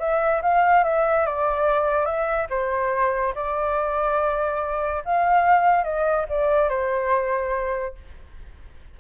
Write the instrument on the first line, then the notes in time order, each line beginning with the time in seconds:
flute
0.00 E5
0.43 F5
0.84 E5
1.26 D5
2.06 E5
2.50 C5
3.35 D5
5.05 F5
5.84 D#5
6.30 D5
6.69 C5